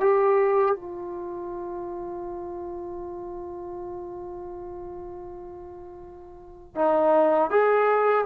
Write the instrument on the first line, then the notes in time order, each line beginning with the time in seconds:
trombone
0.00 G4
0.75 F4
6.75 D#4
7.50 G#4